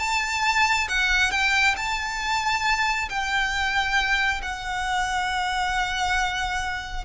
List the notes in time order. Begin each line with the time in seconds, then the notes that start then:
0.00 A5
0.89 F#5
1.32 G5
1.76 A5
3.09 G5
4.42 F#5